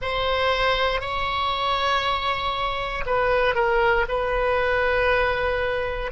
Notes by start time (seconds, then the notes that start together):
0.01 C5
1.00 C#5
3.06 B4
3.55 A#4
4.08 B4